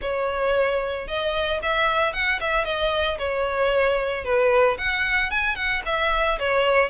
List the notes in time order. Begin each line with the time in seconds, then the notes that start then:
0.01 C#5
1.07 D#5
1.62 E5
2.13 F#5
2.40 E5
2.64 D#5
3.18 C#5
4.24 B4
4.78 F#5
5.30 G#5
5.55 F#5
5.85 E5
6.39 C#5